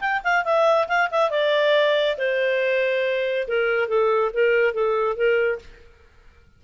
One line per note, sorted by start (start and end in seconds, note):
0.00 0.22 G5
0.23 0.44 F5
0.44 0.88 E5
0.88 1.09 F5
1.11 1.30 E5
1.30 2.16 D5
2.18 3.47 C5
3.47 3.88 A#4
3.88 4.31 A4
4.33 4.73 A#4
4.73 5.16 A4
5.16 5.59 A#4